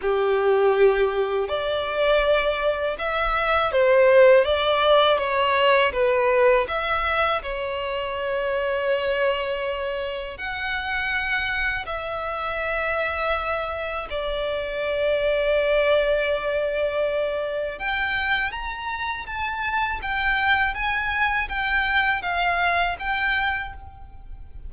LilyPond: \new Staff \with { instrumentName = "violin" } { \time 4/4 \tempo 4 = 81 g'2 d''2 | e''4 c''4 d''4 cis''4 | b'4 e''4 cis''2~ | cis''2 fis''2 |
e''2. d''4~ | d''1 | g''4 ais''4 a''4 g''4 | gis''4 g''4 f''4 g''4 | }